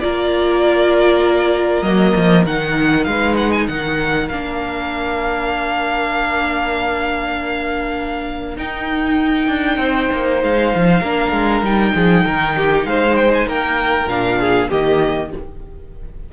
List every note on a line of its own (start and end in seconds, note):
0.00 1.82 A#3
0.00 1.84 F4
0.00 3.09 A#4
0.00 1.83 D5
1.82 2.12 F#3
1.82 2.46 A#3
1.82 2.44 D#5
2.16 2.45 F3
2.45 3.06 D#3
2.45 4.30 D#4
2.45 3.04 F#5
3.04 3.67 G#3
3.04 3.69 B4
3.04 3.34 F5
3.36 3.51 F#5
3.51 3.67 G#5
3.67 4.29 D#3
3.67 9.81 A#4
3.67 4.28 F#5
4.28 8.57 A#3
4.28 8.56 D4
4.28 8.57 F5
8.56 11.01 D#4
8.56 9.47 D#4
8.56 10.42 G5
9.47 9.77 D4
9.77 10.08 C4
9.77 11.00 C5
10.12 10.43 A#3
10.43 10.74 G#3
10.43 11.64 F5
10.75 11.01 F3
11.00 11.32 A#3
11.00 11.63 D4
11.00 11.92 A#4
11.32 11.61 G#3
11.61 11.92 G3
11.61 14.08 D#4
11.61 12.85 G5
11.95 12.25 F3
11.95 12.25 G#4
12.25 12.85 D#3
12.25 12.55 A#4
12.56 12.87 G4
12.85 13.46 G#3
12.85 13.47 C5
12.85 13.16 F5
13.16 13.31 G5
13.33 13.48 G#5
13.47 14.07 A#3
13.47 14.39 A#4
13.47 14.08 G5
14.07 14.68 A#2
14.07 14.70 D4
14.07 14.70 F5
14.39 14.69 G#4
14.69 15.32 D#3
14.69 15.31 A#3
14.69 15.30 G4
14.69 15.32 D#5